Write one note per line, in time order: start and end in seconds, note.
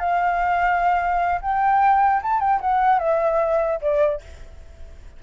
0.00 1.41 F5
1.41 2.22 G5
2.23 2.40 A5
2.40 2.60 G5
2.61 2.99 F#5
2.99 3.80 E5
3.81 4.22 D5